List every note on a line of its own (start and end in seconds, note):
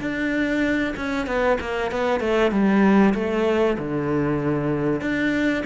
0.00 0.94 D4
0.96 1.26 C#4
1.26 1.57 B3
1.60 1.91 A#3
1.91 2.20 B3
2.20 2.51 A3
2.51 3.14 G3
3.14 3.76 A3
3.78 5.00 D3
5.00 5.63 D4